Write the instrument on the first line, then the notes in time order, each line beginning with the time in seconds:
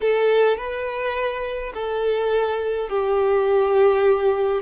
violin
0.00 A4
0.57 B4
1.74 A4
2.89 G4